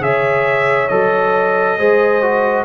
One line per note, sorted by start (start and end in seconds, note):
0.00 0.89 C#3
0.00 0.88 G#4
0.00 1.78 C#5
0.00 0.88 E5
0.88 1.79 F#3
0.88 1.78 A4
0.88 2.65 D#5
1.78 2.65 G#3
1.78 2.22 G#4
1.78 2.65 C5
2.22 2.65 F#4